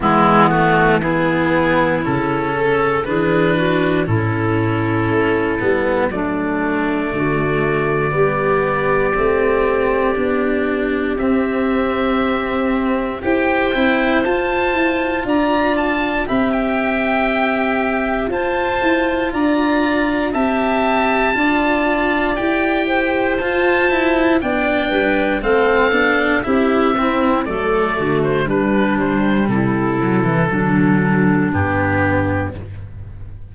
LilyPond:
<<
  \new Staff \with { instrumentName = "oboe" } { \time 4/4 \tempo 4 = 59 e'8 fis'8 gis'4 a'4 b'4 | a'2 d''2~ | d''2. e''4~ | e''4 g''4 a''4 ais''8 a''8 |
b''16 g''4.~ g''16 a''4 ais''4 | a''2 g''4 a''4 | g''4 f''4 e''4 d''8. c''16 | b'8 c''8 a'2 g'4 | }
  \new Staff \with { instrumentName = "clarinet" } { \time 4/4 b4 e'4. a'8 gis'8 fis'8 | e'2 d'4 fis'4 | g'1~ | g'4 c''2 d''4 |
e''2 c''4 d''4 | e''4 d''4. c''4. | d''8 b'8 a'4 g'8 e'8 a'8 fis'8 | d'4 e'4 d'2 | }
  \new Staff \with { instrumentName = "cello" } { \time 4/4 gis8 a8 b4 cis'4 d'4 | cis'4. b8 a2 | b4 c'4 d'4 c'4~ | c'4 g'8 e'8 f'2 |
g'2 f'2 | g'4 f'4 g'4 f'8 e'8 | d'4 c'8 d'8 e'8 c'8 a4 | g4. fis16 e16 fis4 b4 | }
  \new Staff \with { instrumentName = "tuba" } { \time 4/4 e2 cis4 e4 | a,4 a8 g8 fis4 d4 | g4 a4 b4 c'4~ | c'4 e'8 c'8 f'8 e'8 d'4 |
c'2 f'8 e'8 d'4 | c'4 d'4 e'4 f'4 | b8 g8 a8 b8 c'4 fis8 d8 | g4 c4 d4 g,4 | }
>>